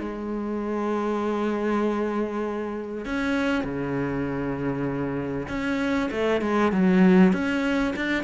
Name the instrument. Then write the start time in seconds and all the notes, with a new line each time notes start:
cello
0.00 G#3
3.06 C#4
3.65 C#3
5.49 C#4
6.12 A3
6.42 G#3
6.72 F#3
7.33 C#4
7.96 D4